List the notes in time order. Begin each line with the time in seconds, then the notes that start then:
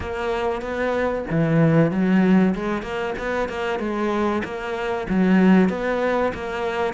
0.00 A#3
0.61 B3
1.30 E3
1.91 F#3
2.54 G#3
2.82 A#3
3.18 B3
3.49 A#3
3.79 G#3
4.44 A#3
5.09 F#3
5.69 B3
6.33 A#3